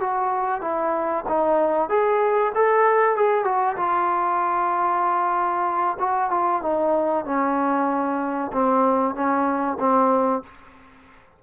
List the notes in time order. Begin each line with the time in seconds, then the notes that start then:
0.00 F#4
0.61 E4
1.28 D#4
1.89 G#4
2.55 A4
3.16 G#4
3.44 F#4
3.76 F4
5.99 F#4
6.30 F4
6.62 D#4
7.25 C#4
8.53 C4
9.15 C#4
9.80 C4